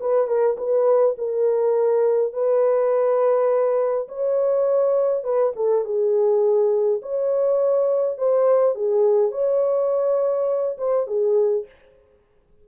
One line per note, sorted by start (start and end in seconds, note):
0.00 0.27 B4
0.27 0.56 A#4
0.57 1.15 B4
1.18 2.32 A#4
2.32 4.07 B4
4.08 5.23 C#5
5.23 5.52 B4
5.55 5.84 A4
5.84 7.01 G#4
7.02 8.17 C#5
8.17 8.75 C5
8.75 9.31 G#4
9.31 10.76 C#5
10.77 11.07 C5
11.07 11.65 G#4